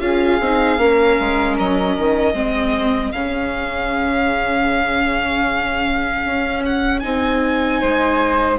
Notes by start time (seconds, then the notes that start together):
0.00 C#4 F4 G#4 F5
0.41 C4 D#4
0.78 A#3 C#4 A#4
1.20 G#3
1.58 F#3 D#5
1.97 D#3
2.34 G#3 C4 G#4
3.12 C#3 C#4 F5
6.25 C#4
6.65 F#5
7.00 C4 D#4 G#5
7.81 G#3 C5